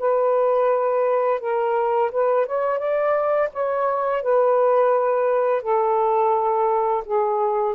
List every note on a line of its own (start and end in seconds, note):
0.00 1.41 B4
1.41 2.11 A#4
2.12 2.47 B4
2.47 2.79 C#5
2.79 3.50 D5
3.54 4.23 C#5
4.23 5.63 B4
5.63 7.04 A4
7.06 7.76 G#4